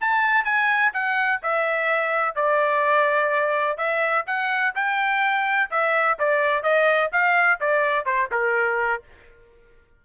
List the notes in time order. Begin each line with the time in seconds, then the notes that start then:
0.00 A5
0.44 G#5
0.93 F#5
1.42 E5
2.35 D5
3.77 E5
4.26 F#5
4.74 G5
5.70 E5
6.19 D5
6.63 D#5
7.12 F5
7.60 D5
8.05 C5
8.31 A#4